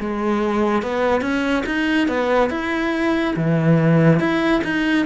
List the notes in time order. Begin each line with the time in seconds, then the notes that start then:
0.00 G#3
0.82 B3
1.21 C#4
1.66 D#4
2.08 B3
2.50 E4
3.36 E3
4.19 E4
4.64 D#4